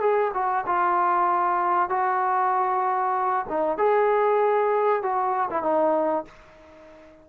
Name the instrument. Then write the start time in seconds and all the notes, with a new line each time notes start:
trombone
0.00 G#4
0.34 F#4
0.66 F4
1.89 F#4
3.49 D#4
3.78 G#4
5.02 F#4
5.50 E4
5.62 D#4